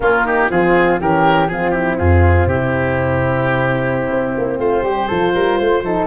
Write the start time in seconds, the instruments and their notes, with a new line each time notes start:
0.00 tuba A#3, horn A#3, flute C#4, oboe F4
0.24 flute D#4, oboe G4
0.50 tuba F3, horn C4, flute F4, oboe G#4
1.00 tuba E3, horn C#4, flute G4, oboe A#4
1.47 tuba F3, horn C4, flute F4, oboe G#4
1.71 flute E4, oboe G4
1.98 tuba F2, flute F4, oboe G#4
2.46 tuba C3, flute E4, oboe G4
4.10 tuba C4
4.37 tuba A#3
4.57 tuba A3, flute F4, oboe C5
4.82 tuba G3, flute G4
5.07 tuba F3, horn F4, flute A4
5.34 tuba G3, flute A#4
5.57 tuba A3, flute C5
5.81 tuba F3, horn D#4, flute A4